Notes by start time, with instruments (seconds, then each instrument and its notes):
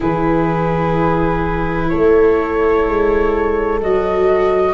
0.00 tuba E3, viola E4, horn G#4, flute B4
1.89 tuba A3, horn A4, flute C#5
2.86 tuba G#3
3.81 tuba F#3, viola F#4, flute D#5